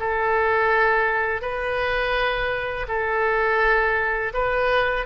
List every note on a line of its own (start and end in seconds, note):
0.00 1.42 A4
1.42 2.87 B4
2.88 4.33 A4
4.34 5.06 B4